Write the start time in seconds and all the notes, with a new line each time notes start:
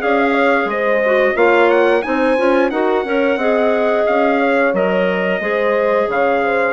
0.00 C#4 G#4 D5 F5
0.20 F5
0.33 C#5
0.65 G#3 C5 D#5
1.06 F#4
1.36 A#3 F4 C#5 F5
1.71 F#5
2.03 C4 D#4 C5 G#5
2.38 C#4 F4
2.71 D#4 F#4 A#4 F#5
3.05 C#4 A#4 C#5
3.37 C4 G#4 D#5
4.07 C#4 F5
4.40 C#5
4.74 F#3 A#4 D#5
5.40 G#3 G#4 C5
6.08 C#3 C#5 F5
6.44 C5